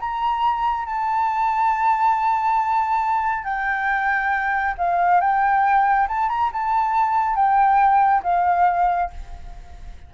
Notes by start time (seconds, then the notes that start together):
0.00 A#5
0.86 A5
3.44 G5
4.78 F5
5.21 G5
6.08 A5
6.29 A#5
6.53 A5
7.36 G5
8.23 F5